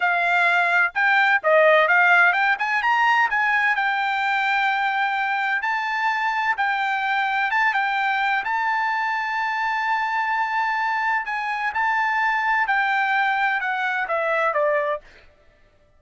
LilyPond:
\new Staff \with { instrumentName = "trumpet" } { \time 4/4 \tempo 4 = 128 f''2 g''4 dis''4 | f''4 g''8 gis''8 ais''4 gis''4 | g''1 | a''2 g''2 |
a''8 g''4. a''2~ | a''1 | gis''4 a''2 g''4~ | g''4 fis''4 e''4 d''4 | }